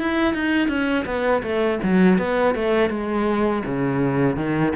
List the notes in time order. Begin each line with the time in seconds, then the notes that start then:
0.00 E4
0.34 D#4
0.69 C#4
1.06 B3
1.43 A3
1.83 F#3
2.19 B3
2.55 A3
2.90 G#3
3.66 C#3
4.37 D#3